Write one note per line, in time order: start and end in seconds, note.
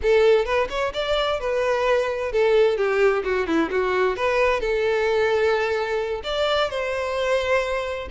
0.02 0.45 A4
0.45 0.68 B4
0.69 0.92 C#5
0.93 1.40 D5
1.40 2.32 B4
2.32 2.77 A4
2.77 3.23 G4
3.23 3.46 F#4
3.46 3.69 E4
3.70 4.16 F#4
4.16 4.60 B4
4.60 6.21 A4
6.23 6.69 D5
6.70 8.08 C5